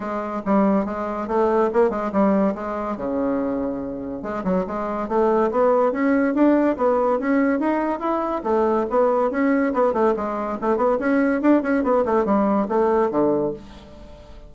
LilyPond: \new Staff \with { instrumentName = "bassoon" } { \time 4/4 \tempo 4 = 142 gis4 g4 gis4 a4 | ais8 gis8 g4 gis4 cis4~ | cis2 gis8 fis8 gis4 | a4 b4 cis'4 d'4 |
b4 cis'4 dis'4 e'4 | a4 b4 cis'4 b8 a8 | gis4 a8 b8 cis'4 d'8 cis'8 | b8 a8 g4 a4 d4 | }